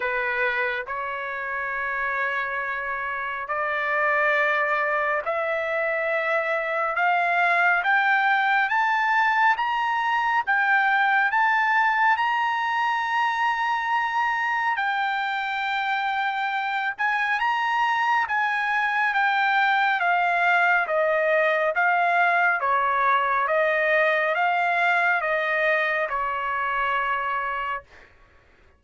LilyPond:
\new Staff \with { instrumentName = "trumpet" } { \time 4/4 \tempo 4 = 69 b'4 cis''2. | d''2 e''2 | f''4 g''4 a''4 ais''4 | g''4 a''4 ais''2~ |
ais''4 g''2~ g''8 gis''8 | ais''4 gis''4 g''4 f''4 | dis''4 f''4 cis''4 dis''4 | f''4 dis''4 cis''2 | }